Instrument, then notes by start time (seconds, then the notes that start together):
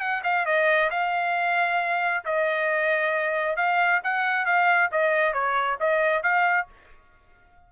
trumpet
0.00 F#5
0.24 F5
0.46 D#5
0.91 F5
2.25 D#5
3.57 F5
4.04 F#5
4.46 F5
4.92 D#5
5.34 C#5
5.80 D#5
6.23 F5